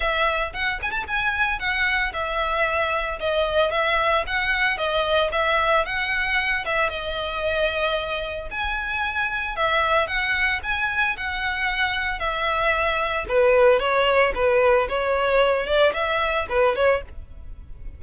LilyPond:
\new Staff \with { instrumentName = "violin" } { \time 4/4 \tempo 4 = 113 e''4 fis''8 gis''16 a''16 gis''4 fis''4 | e''2 dis''4 e''4 | fis''4 dis''4 e''4 fis''4~ | fis''8 e''8 dis''2. |
gis''2 e''4 fis''4 | gis''4 fis''2 e''4~ | e''4 b'4 cis''4 b'4 | cis''4. d''8 e''4 b'8 cis''8 | }